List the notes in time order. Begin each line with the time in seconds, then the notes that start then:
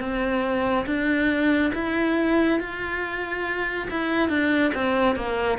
0.00 C4
0.86 D4
1.74 E4
2.60 F4
3.90 E4
4.29 D4
4.75 C4
5.16 A#3